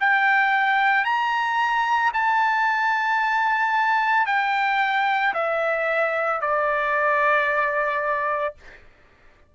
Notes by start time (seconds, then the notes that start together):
0.00 G5
1.04 A#5
2.13 A5
4.26 G5
5.34 E5
6.40 D5